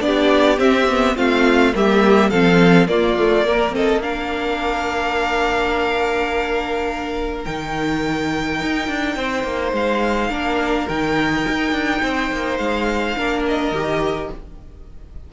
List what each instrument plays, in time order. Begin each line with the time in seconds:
0.00 cello B3, viola D4, violin G4 D5
0.57 viola C4, cello C4, violin E5
0.87 viola B3
1.15 cello A3, viola C4, violin F4 F5
1.74 cello G3, viola A#3, violin G4 E5
2.30 cello F3, viola C4, violin A4 F5
2.87 viola A#3, cello A#3, violin F4 D5
3.17 viola A3
3.45 viola A#3, violin A#4
3.71 viola C4, violin A4 D#5
4.02 viola D4, violin A#4 F5
7.44 cello D#3, viola D#4, violin G5
8.61 cello D#4
8.87 cello D4
9.16 cello C4, violin C5
9.43 cello A#3
9.72 cello G#3, violin F5
10.29 cello A#3, viola D4, violin A#4
10.88 cello D#3, viola D#4, violin G5
11.47 cello D#4
11.72 cello D4
12.02 cello C4, violin C5
12.31 cello A#3
12.57 cello G#3, violin F5
13.17 cello A#3, viola D4, violin A#4
13.47 violin D#5
13.71 cello D#3, viola G4